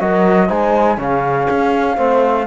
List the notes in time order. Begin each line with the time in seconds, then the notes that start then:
0.00 F#3 F#4 A#4 D#5
0.46 G#3 D#4 C5 G#5
0.97 C#3 C#4 G#4 F5
1.50 C#4
1.96 A3 C4 C5